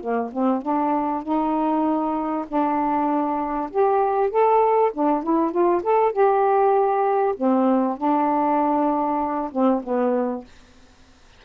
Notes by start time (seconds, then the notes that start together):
0.00 A#3
0.32 C4
0.62 D4
1.23 D#4
2.48 D4
3.70 G4
4.30 A4
4.93 D4
5.23 E4
5.51 F4
5.83 A4
6.12 G4
7.37 C4
7.97 D4
9.52 C4
9.83 B3